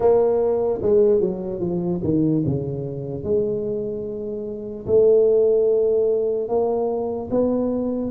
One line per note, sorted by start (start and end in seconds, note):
0.00 0.80 A#3
0.81 1.20 G#3
1.20 1.60 F#3
1.60 2.00 F3
2.03 2.44 D#3
2.45 3.23 C#3
3.23 4.85 G#3
4.86 6.48 A3
6.48 7.29 A#3
7.30 8.11 B3